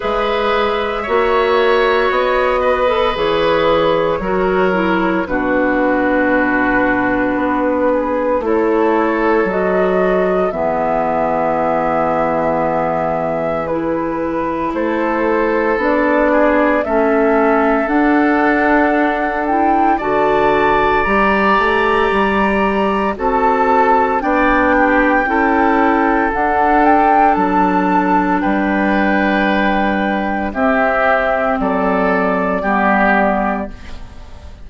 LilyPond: <<
  \new Staff \with { instrumentName = "flute" } { \time 4/4 \tempo 4 = 57 e''2 dis''4 cis''4~ | cis''4 b'2. | cis''4 dis''4 e''2~ | e''4 b'4 c''4 d''4 |
e''4 fis''4. g''8 a''4 | ais''2 a''4 g''4~ | g''4 fis''8 g''8 a''4 g''4~ | g''4 e''4 d''2 | }
  \new Staff \with { instrumentName = "oboe" } { \time 4/4 b'4 cis''4. b'4. | ais'4 fis'2~ fis'8 gis'8 | a'2 gis'2~ | gis'2 a'4. gis'8 |
a'2. d''4~ | d''2 a'4 d''8 g'8 | a'2. b'4~ | b'4 g'4 a'4 g'4 | }
  \new Staff \with { instrumentName = "clarinet" } { \time 4/4 gis'4 fis'4.~ fis'16 a'16 gis'4 | fis'8 e'8 d'2. | e'4 fis'4 b2~ | b4 e'2 d'4 |
cis'4 d'4. e'8 fis'4 | g'2 fis'4 d'4 | e'4 d'2.~ | d'4 c'2 b4 | }
  \new Staff \with { instrumentName = "bassoon" } { \time 4/4 gis4 ais4 b4 e4 | fis4 b,2 b4 | a4 fis4 e2~ | e2 a4 b4 |
a4 d'2 d4 | g8 a8 g4 c'4 b4 | cis'4 d'4 fis4 g4~ | g4 c'4 fis4 g4 | }
>>